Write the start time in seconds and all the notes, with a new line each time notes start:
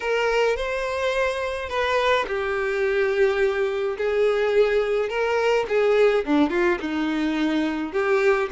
0.00 A#4
0.56 C5
1.69 B4
2.27 G4
3.97 G#4
5.09 A#4
5.68 G#4
6.25 D4
6.50 F4
6.80 D#4
7.92 G4